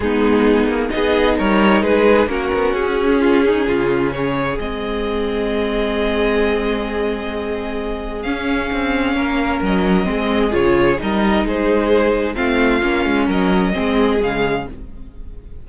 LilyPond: <<
  \new Staff \with { instrumentName = "violin" } { \time 4/4 \tempo 4 = 131 gis'2 dis''4 cis''4 | b'4 ais'4 gis'2~ | gis'4 cis''4 dis''2~ | dis''1~ |
dis''2 f''2~ | f''4 dis''2 cis''4 | dis''4 c''2 f''4~ | f''4 dis''2 f''4 | }
  \new Staff \with { instrumentName = "violin" } { \time 4/4 dis'2 gis'4 ais'4 | gis'4 fis'2 f'8 dis'8 | f'4 gis'2.~ | gis'1~ |
gis'1 | ais'2 gis'2 | ais'4 gis'2 f'4~ | f'4 ais'4 gis'2 | }
  \new Staff \with { instrumentName = "viola" } { \time 4/4 b2 dis'2~ | dis'4 cis'2.~ | cis'2 c'2~ | c'1~ |
c'2 cis'2~ | cis'2 c'4 f'4 | dis'2. c'4 | cis'2 c'4 gis4 | }
  \new Staff \with { instrumentName = "cello" } { \time 4/4 gis4. ais8 b4 g4 | gis4 ais8 b8 cis'2 | cis2 gis2~ | gis1~ |
gis2 cis'4 c'4 | ais4 fis4 gis4 cis4 | g4 gis2 a4 | ais8 gis8 fis4 gis4 cis4 | }
>>